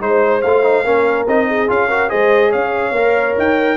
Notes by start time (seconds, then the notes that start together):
0.00 G#3 D#4 C5
0.41 A3 F4 F5
0.63 D#4
0.84 A#3 C#4 A#4
1.26 C4 D#4 D#5
1.48 G#4
1.67 C#4 F4 F5
1.88 F#4 A#4
2.09 G#3 G#4 C5 D#5
2.50 C#4 C#5 F5
2.92 A#3 A#4
3.37 D#4 G5